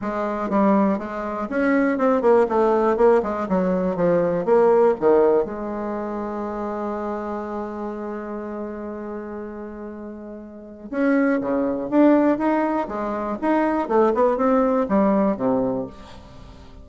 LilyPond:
\new Staff \with { instrumentName = "bassoon" } { \time 4/4 \tempo 4 = 121 gis4 g4 gis4 cis'4 | c'8 ais8 a4 ais8 gis8 fis4 | f4 ais4 dis4 gis4~ | gis1~ |
gis1~ | gis2 cis'4 cis4 | d'4 dis'4 gis4 dis'4 | a8 b8 c'4 g4 c4 | }